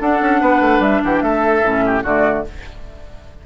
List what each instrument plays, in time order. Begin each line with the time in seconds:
0.00 bassoon D4, clarinet D4, oboe A4, flute F#5
0.21 bassoon C#4
0.40 bassoon B3, oboe B4
0.61 bassoon A3
0.79 bassoon G3, flute E5
1.03 bassoon E3, oboe G4, flute F#5
1.14 flute G5
1.21 bassoon A3, oboe A4, flute E5
1.63 bassoon A2, clarinet C#4
1.85 oboe G4
2.03 bassoon D3, clarinet A3, oboe F#4, flute D5